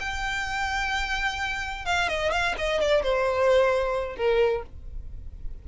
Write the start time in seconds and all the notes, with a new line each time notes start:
0.00 G5
1.85 F5
2.09 D#5
2.32 F5
2.58 D#5
2.81 D5
3.03 C5
4.16 A#4